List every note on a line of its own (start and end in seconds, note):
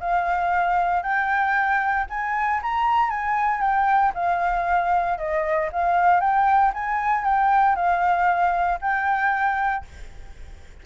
0.00 1.03 F5
1.03 2.06 G5
2.09 2.61 G#5
2.62 3.10 A#5
3.10 3.60 G#5
3.60 4.12 G5
4.14 5.18 F5
5.18 5.70 D#5
5.72 6.20 F5
6.20 6.72 G5
6.74 7.24 G#5
7.24 7.76 G5
7.76 8.79 F5
8.81 9.85 G5